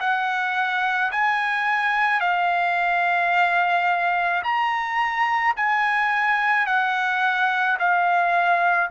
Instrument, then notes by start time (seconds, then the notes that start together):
trumpet
0.00 F#5
1.11 G#5
2.20 F5
4.43 A#5
5.56 G#5
6.66 F#5
7.79 F5